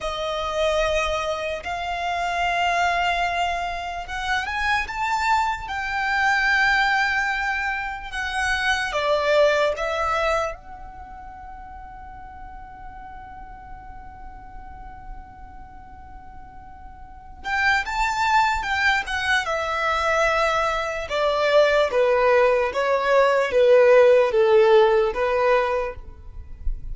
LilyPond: \new Staff \with { instrumentName = "violin" } { \time 4/4 \tempo 4 = 74 dis''2 f''2~ | f''4 fis''8 gis''8 a''4 g''4~ | g''2 fis''4 d''4 | e''4 fis''2.~ |
fis''1~ | fis''4. g''8 a''4 g''8 fis''8 | e''2 d''4 b'4 | cis''4 b'4 a'4 b'4 | }